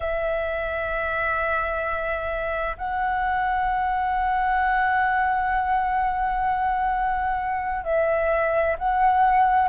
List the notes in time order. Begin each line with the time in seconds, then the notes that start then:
0.00 E5
2.77 F#5
7.84 E5
8.78 F#5